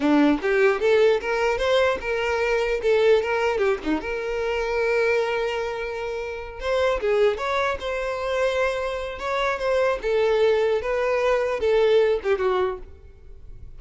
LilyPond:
\new Staff \with { instrumentName = "violin" } { \time 4/4 \tempo 4 = 150 d'4 g'4 a'4 ais'4 | c''4 ais'2 a'4 | ais'4 g'8 dis'8 ais'2~ | ais'1~ |
ais'8 c''4 gis'4 cis''4 c''8~ | c''2. cis''4 | c''4 a'2 b'4~ | b'4 a'4. g'8 fis'4 | }